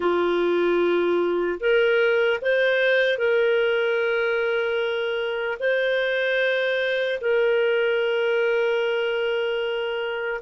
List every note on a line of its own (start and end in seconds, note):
0.00 1.59 F4
1.60 2.40 A#4
2.41 3.18 C5
3.18 5.58 A#4
5.59 7.19 C5
7.20 10.40 A#4